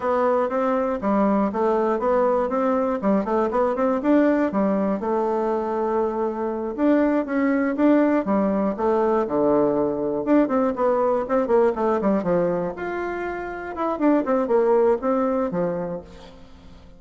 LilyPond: \new Staff \with { instrumentName = "bassoon" } { \time 4/4 \tempo 4 = 120 b4 c'4 g4 a4 | b4 c'4 g8 a8 b8 c'8 | d'4 g4 a2~ | a4. d'4 cis'4 d'8~ |
d'8 g4 a4 d4.~ | d8 d'8 c'8 b4 c'8 ais8 a8 | g8 f4 f'2 e'8 | d'8 c'8 ais4 c'4 f4 | }